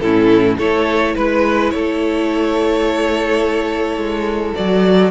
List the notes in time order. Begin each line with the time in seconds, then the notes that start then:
0.00 A2 C#4 E4 A4
0.58 A3 E4 A4 C#5
1.16 G#3 B4
1.71 A3 A4 C#5
3.98 G#3
4.56 F#3 F#4 D5